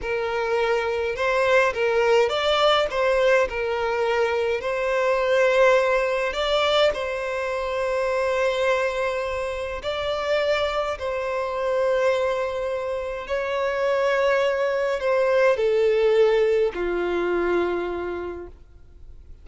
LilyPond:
\new Staff \with { instrumentName = "violin" } { \time 4/4 \tempo 4 = 104 ais'2 c''4 ais'4 | d''4 c''4 ais'2 | c''2. d''4 | c''1~ |
c''4 d''2 c''4~ | c''2. cis''4~ | cis''2 c''4 a'4~ | a'4 f'2. | }